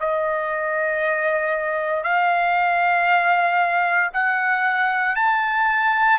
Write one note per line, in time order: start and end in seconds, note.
0.00 2.04 D#5
2.04 4.11 F5
4.13 5.16 F#5
5.16 6.19 A5